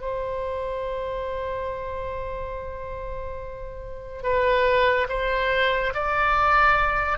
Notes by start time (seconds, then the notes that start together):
0.00 C5
4.23 B4
5.09 C5
5.94 D5